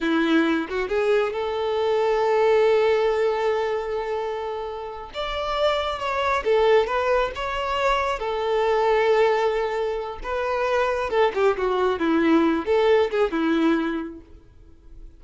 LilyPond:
\new Staff \with { instrumentName = "violin" } { \time 4/4 \tempo 4 = 135 e'4. fis'8 gis'4 a'4~ | a'1~ | a'2.~ a'8 d''8~ | d''4. cis''4 a'4 b'8~ |
b'8 cis''2 a'4.~ | a'2. b'4~ | b'4 a'8 g'8 fis'4 e'4~ | e'8 a'4 gis'8 e'2 | }